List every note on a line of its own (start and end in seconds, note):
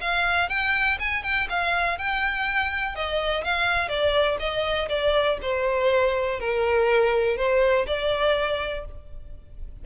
0.00 0.49 F5
0.49 0.98 G5
0.99 1.23 G#5
1.23 1.47 G5
1.49 1.98 F5
1.98 2.95 G5
2.95 3.44 D#5
3.44 3.88 F5
3.88 4.37 D5
4.39 4.88 D#5
4.89 5.38 D5
5.41 6.40 C5
6.40 7.37 A#4
7.37 7.86 C5
7.86 8.85 D5